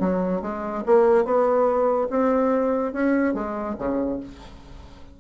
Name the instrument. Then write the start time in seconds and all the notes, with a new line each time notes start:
bassoon
0.00 F#3
0.42 G#3
0.86 A#3
1.25 B3
2.10 C4
2.93 C#4
3.34 G#3
3.78 C#3